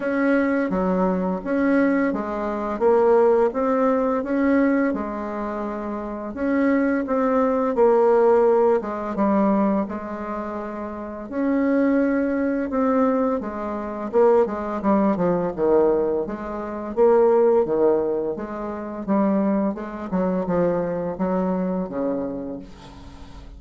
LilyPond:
\new Staff \with { instrumentName = "bassoon" } { \time 4/4 \tempo 4 = 85 cis'4 fis4 cis'4 gis4 | ais4 c'4 cis'4 gis4~ | gis4 cis'4 c'4 ais4~ | ais8 gis8 g4 gis2 |
cis'2 c'4 gis4 | ais8 gis8 g8 f8 dis4 gis4 | ais4 dis4 gis4 g4 | gis8 fis8 f4 fis4 cis4 | }